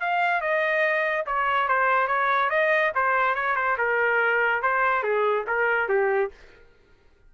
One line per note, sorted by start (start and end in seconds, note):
0.00 0.41 F5
0.41 1.25 D#5
1.26 1.68 C#5
1.68 2.07 C5
2.07 2.49 C#5
2.50 2.92 D#5
2.95 3.35 C5
3.35 3.56 C#5
3.56 3.77 C5
3.78 4.62 A#4
4.62 5.03 C5
5.03 5.45 G#4
5.47 5.88 A#4
5.88 6.31 G4